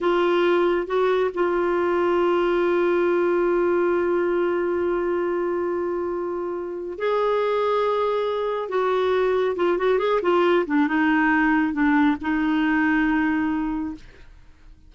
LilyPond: \new Staff \with { instrumentName = "clarinet" } { \time 4/4 \tempo 4 = 138 f'2 fis'4 f'4~ | f'1~ | f'1~ | f'1 |
gis'1 | fis'2 f'8 fis'8 gis'8 f'8~ | f'8 d'8 dis'2 d'4 | dis'1 | }